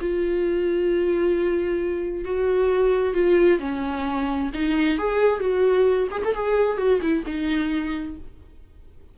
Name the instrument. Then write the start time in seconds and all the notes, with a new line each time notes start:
viola
0.00 F4
2.24 F#4
3.13 F4
3.59 C#4
4.53 D#4
4.98 G#4
5.39 F#4
6.11 G#4
6.24 A4
6.34 G#4
6.77 F#4
7.01 E4
7.25 D#4